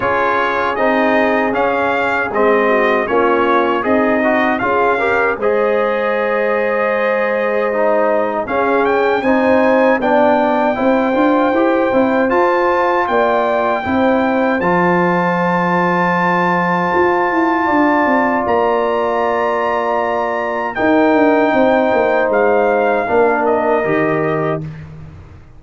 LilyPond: <<
  \new Staff \with { instrumentName = "trumpet" } { \time 4/4 \tempo 4 = 78 cis''4 dis''4 f''4 dis''4 | cis''4 dis''4 f''4 dis''4~ | dis''2. f''8 g''8 | gis''4 g''2. |
a''4 g''2 a''4~ | a''1 | ais''2. g''4~ | g''4 f''4. dis''4. | }
  \new Staff \with { instrumentName = "horn" } { \time 4/4 gis'2.~ gis'8 fis'8 | f'4 dis'4 gis'8 ais'8 c''4~ | c''2. gis'4 | c''4 d''4 c''2~ |
c''4 d''4 c''2~ | c''2. d''4~ | d''2. ais'4 | c''2 ais'2 | }
  \new Staff \with { instrumentName = "trombone" } { \time 4/4 f'4 dis'4 cis'4 c'4 | cis'4 gis'8 fis'8 f'8 g'8 gis'4~ | gis'2 dis'4 cis'4 | dis'4 d'4 e'8 f'8 g'8 e'8 |
f'2 e'4 f'4~ | f'1~ | f'2. dis'4~ | dis'2 d'4 g'4 | }
  \new Staff \with { instrumentName = "tuba" } { \time 4/4 cis'4 c'4 cis'4 gis4 | ais4 c'4 cis'4 gis4~ | gis2. cis'4 | c'4 b4 c'8 d'8 e'8 c'8 |
f'4 ais4 c'4 f4~ | f2 f'8 e'8 d'8 c'8 | ais2. dis'8 d'8 | c'8 ais8 gis4 ais4 dis4 | }
>>